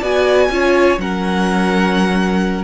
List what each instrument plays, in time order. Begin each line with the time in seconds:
0.00 cello B3, viola F#4, violin D5 G#5
0.50 cello C#4, viola F4, violin C#5
0.98 cello F#3, viola C#4, violin A#4 F#5